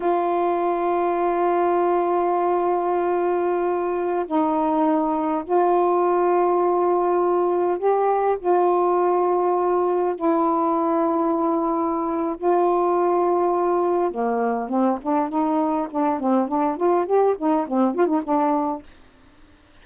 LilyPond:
\new Staff \with { instrumentName = "saxophone" } { \time 4/4 \tempo 4 = 102 f'1~ | f'2.~ f'16 dis'8.~ | dis'4~ dis'16 f'2~ f'8.~ | f'4~ f'16 g'4 f'4.~ f'16~ |
f'4~ f'16 e'2~ e'8.~ | e'4 f'2. | ais4 c'8 d'8 dis'4 d'8 c'8 | d'8 f'8 g'8 dis'8 c'8 f'16 dis'16 d'4 | }